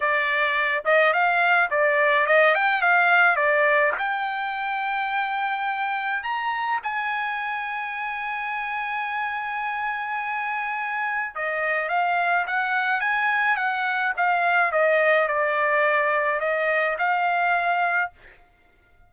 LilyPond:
\new Staff \with { instrumentName = "trumpet" } { \time 4/4 \tempo 4 = 106 d''4. dis''8 f''4 d''4 | dis''8 g''8 f''4 d''4 g''4~ | g''2. ais''4 | gis''1~ |
gis''1 | dis''4 f''4 fis''4 gis''4 | fis''4 f''4 dis''4 d''4~ | d''4 dis''4 f''2 | }